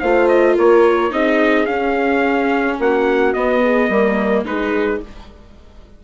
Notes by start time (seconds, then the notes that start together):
0.00 A3 F4 C5 F5
0.28 D#5
0.55 A#3 A#4 C#5
1.10 C4 D#4 G#4 D#5
1.66 C#4 F5
2.79 A#3 F#4 F#5
3.33 B3 D#5
3.63 G#4
3.89 G3 A#3 A#4
4.44 G#3 D#4 G#4 B4